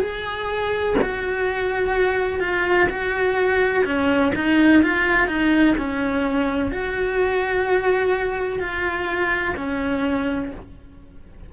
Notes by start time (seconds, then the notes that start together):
0.00 G#4
1.02 F#4
2.40 F4
2.89 F#4
3.85 C#4
4.35 D#4
4.83 F4
5.27 D#4
5.77 C#4
6.71 F#4
8.60 F4
9.56 C#4